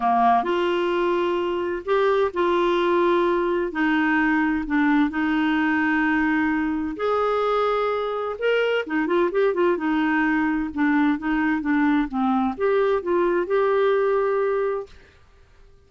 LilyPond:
\new Staff \with { instrumentName = "clarinet" } { \time 4/4 \tempo 4 = 129 ais4 f'2. | g'4 f'2. | dis'2 d'4 dis'4~ | dis'2. gis'4~ |
gis'2 ais'4 dis'8 f'8 | g'8 f'8 dis'2 d'4 | dis'4 d'4 c'4 g'4 | f'4 g'2. | }